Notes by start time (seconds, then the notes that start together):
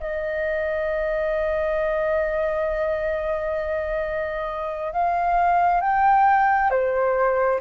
0.00 D#5
4.93 F5
5.81 G5
6.70 C5